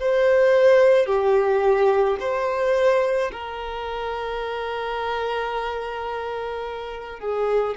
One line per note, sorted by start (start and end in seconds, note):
0.00 1.06 C5
1.06 2.17 G4
2.20 3.31 C5
3.32 7.20 A#4
7.20 7.75 G#4